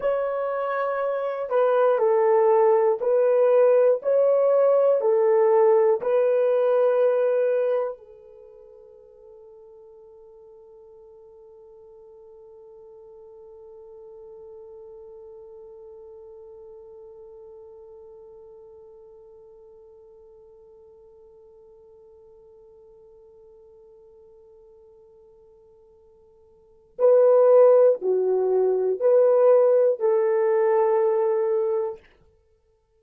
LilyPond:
\new Staff \with { instrumentName = "horn" } { \time 4/4 \tempo 4 = 60 cis''4. b'8 a'4 b'4 | cis''4 a'4 b'2 | a'1~ | a'1~ |
a'1~ | a'1~ | a'2. b'4 | fis'4 b'4 a'2 | }